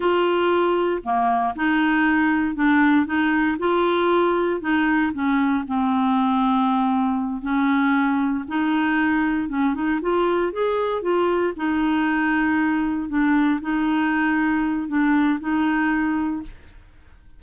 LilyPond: \new Staff \with { instrumentName = "clarinet" } { \time 4/4 \tempo 4 = 117 f'2 ais4 dis'4~ | dis'4 d'4 dis'4 f'4~ | f'4 dis'4 cis'4 c'4~ | c'2~ c'8 cis'4.~ |
cis'8 dis'2 cis'8 dis'8 f'8~ | f'8 gis'4 f'4 dis'4.~ | dis'4. d'4 dis'4.~ | dis'4 d'4 dis'2 | }